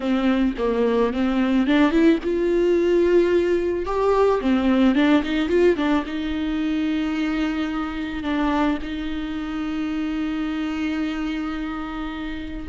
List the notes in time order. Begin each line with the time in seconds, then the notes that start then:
0.00 C4
0.58 A#3
1.13 C4
1.66 D4
1.91 E4
2.23 F4
3.85 G4
4.40 C4
4.95 D4
5.23 D#4
5.48 F4
5.76 D4
6.06 D#4
8.23 D4
8.82 D#4